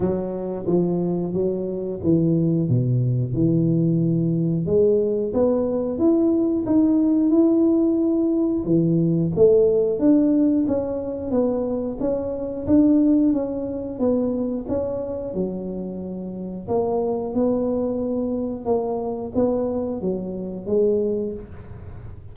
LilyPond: \new Staff \with { instrumentName = "tuba" } { \time 4/4 \tempo 4 = 90 fis4 f4 fis4 e4 | b,4 e2 gis4 | b4 e'4 dis'4 e'4~ | e'4 e4 a4 d'4 |
cis'4 b4 cis'4 d'4 | cis'4 b4 cis'4 fis4~ | fis4 ais4 b2 | ais4 b4 fis4 gis4 | }